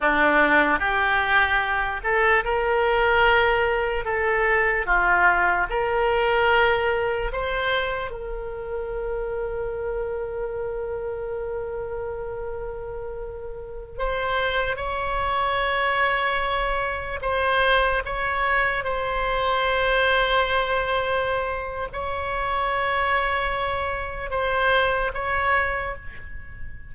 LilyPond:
\new Staff \with { instrumentName = "oboe" } { \time 4/4 \tempo 4 = 74 d'4 g'4. a'8 ais'4~ | ais'4 a'4 f'4 ais'4~ | ais'4 c''4 ais'2~ | ais'1~ |
ais'4~ ais'16 c''4 cis''4.~ cis''16~ | cis''4~ cis''16 c''4 cis''4 c''8.~ | c''2. cis''4~ | cis''2 c''4 cis''4 | }